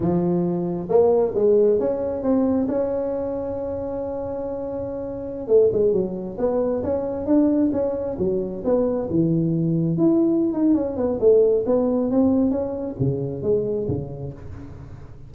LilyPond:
\new Staff \with { instrumentName = "tuba" } { \time 4/4 \tempo 4 = 134 f2 ais4 gis4 | cis'4 c'4 cis'2~ | cis'1~ | cis'16 a8 gis8 fis4 b4 cis'8.~ |
cis'16 d'4 cis'4 fis4 b8.~ | b16 e2 e'4~ e'16 dis'8 | cis'8 b8 a4 b4 c'4 | cis'4 cis4 gis4 cis4 | }